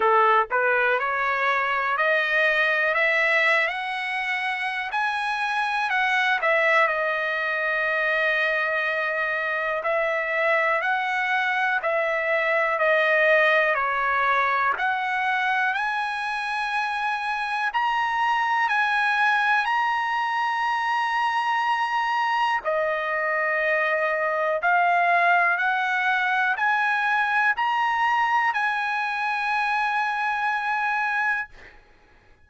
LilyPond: \new Staff \with { instrumentName = "trumpet" } { \time 4/4 \tempo 4 = 61 a'8 b'8 cis''4 dis''4 e''8. fis''16~ | fis''4 gis''4 fis''8 e''8 dis''4~ | dis''2 e''4 fis''4 | e''4 dis''4 cis''4 fis''4 |
gis''2 ais''4 gis''4 | ais''2. dis''4~ | dis''4 f''4 fis''4 gis''4 | ais''4 gis''2. | }